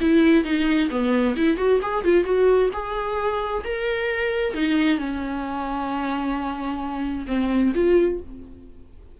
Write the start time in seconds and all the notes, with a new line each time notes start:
0.00 E4
0.44 D#4
0.90 B3
1.36 E4
1.57 F#4
1.82 G#4
2.04 F4
2.24 F#4
2.73 G#4
3.64 A#4
4.54 D#4
4.98 C#4
7.27 C4
7.74 F4